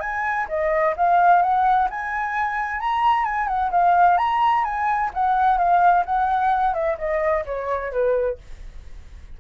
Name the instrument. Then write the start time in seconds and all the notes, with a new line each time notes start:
flute
0.00 G#5
0.48 D#5
0.96 F5
1.42 F#5
1.90 G#5
2.80 A#5
3.25 G#5
3.47 F#5
3.71 F5
4.17 A#5
4.64 G#5
5.14 F#5
5.58 F5
6.05 F#5
6.74 E5
6.98 D#5
7.45 C#5
7.92 B4